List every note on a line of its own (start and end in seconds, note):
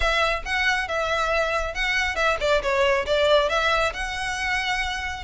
0.00 0.42 E5
0.45 0.88 F#5
0.88 1.74 E5
1.74 2.15 F#5
2.15 2.37 E5
2.40 2.62 D5
2.62 3.05 C#5
3.06 3.49 D5
3.49 3.92 E5
3.93 5.24 F#5